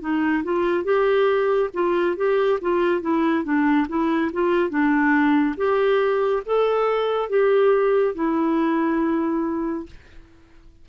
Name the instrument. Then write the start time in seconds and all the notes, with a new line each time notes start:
clarinet
0.00 D#4
0.43 F4
0.84 G4
1.73 F4
2.16 G4
2.61 F4
3.01 E4
3.44 D4
3.88 E4
4.32 F4
4.69 D4
5.56 G4
6.45 A4
7.29 G4
8.14 E4